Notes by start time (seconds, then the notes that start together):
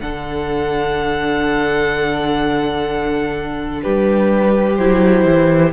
0.00 D3 D4 A4 F#5
3.82 G3 G4 B4
4.76 F#3 E4 C5
5.25 E3